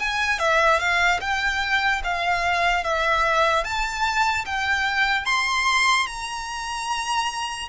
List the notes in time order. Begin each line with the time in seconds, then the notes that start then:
0.00 G#5
0.39 E5
0.80 F5
1.21 G5
2.05 F5
2.84 E5
3.64 A5
4.46 G5
5.26 C6
6.07 A#5